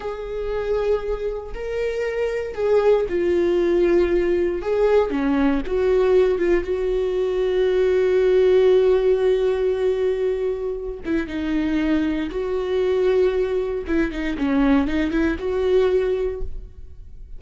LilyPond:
\new Staff \with { instrumentName = "viola" } { \time 4/4 \tempo 4 = 117 gis'2. ais'4~ | ais'4 gis'4 f'2~ | f'4 gis'4 cis'4 fis'4~ | fis'8 f'8 fis'2.~ |
fis'1~ | fis'4. e'8 dis'2 | fis'2. e'8 dis'8 | cis'4 dis'8 e'8 fis'2 | }